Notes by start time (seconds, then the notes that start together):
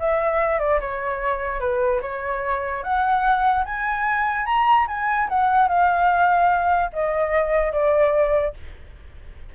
0.00 E5
0.60 D5
0.81 C#5
1.60 B4
2.02 C#5
2.84 F#5
3.66 G#5
4.46 A#5
4.88 G#5
5.29 F#5
5.69 F5
6.93 D#5
7.73 D5